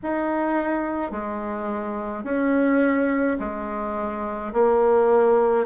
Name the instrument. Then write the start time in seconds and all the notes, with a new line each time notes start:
bassoon
0.03 D#4
1.11 G#3
2.24 C#4
3.39 G#3
4.53 A#3